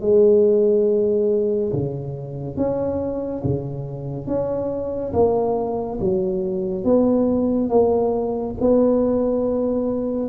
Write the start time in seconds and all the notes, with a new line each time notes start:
0.00 G#3
1.72 C#3
2.56 C#4
3.43 C#3
4.27 C#4
5.13 A#3
6.00 F#3
6.84 B3
7.69 A#3
8.61 B3